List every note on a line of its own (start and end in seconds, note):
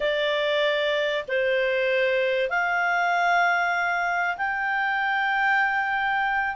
0.00 1.24 D5
1.28 2.49 C5
2.49 4.37 F5
4.37 6.55 G5